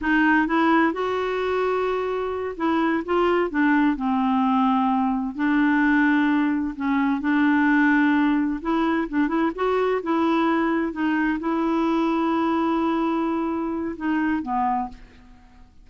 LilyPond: \new Staff \with { instrumentName = "clarinet" } { \time 4/4 \tempo 4 = 129 dis'4 e'4 fis'2~ | fis'4. e'4 f'4 d'8~ | d'8 c'2. d'8~ | d'2~ d'8 cis'4 d'8~ |
d'2~ d'8 e'4 d'8 | e'8 fis'4 e'2 dis'8~ | dis'8 e'2.~ e'8~ | e'2 dis'4 b4 | }